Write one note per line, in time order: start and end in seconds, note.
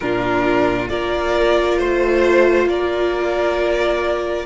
0.00 0.89 A#2
0.00 0.87 D4
0.00 0.90 F4
0.00 0.88 A#4
0.87 1.78 A#3
0.87 4.46 F4
0.87 1.79 A#4
0.87 1.78 D5
1.78 2.65 A3
1.78 2.68 C5
2.65 4.45 A#3
2.65 4.46 D5
2.72 4.46 A#4